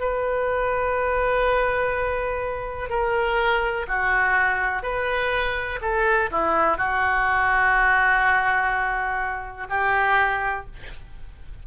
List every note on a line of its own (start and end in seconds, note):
0.00 2.90 B4
2.90 3.87 A#4
3.88 4.83 F#4
4.83 5.80 B4
5.82 6.30 A4
6.31 6.77 E4
6.77 9.68 F#4
9.70 10.66 G4